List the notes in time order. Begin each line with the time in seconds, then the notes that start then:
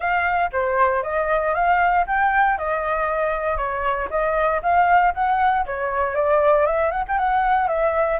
0.00 F5
0.52 C5
1.03 D#5
1.54 F5
2.07 G5
2.58 D#5
3.57 C#5
4.10 D#5
4.62 F5
5.14 F#5
5.66 C#5
6.14 D5
6.65 E5
6.91 F#5
7.08 G5
7.18 F#5
7.68 E5